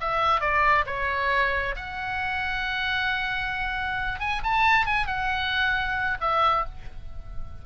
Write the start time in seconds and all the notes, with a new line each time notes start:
0.00 E5
0.40 D5
0.86 C#5
1.76 F#5
4.20 G#5
4.43 A5
4.86 G#5
5.06 F#5
6.20 E5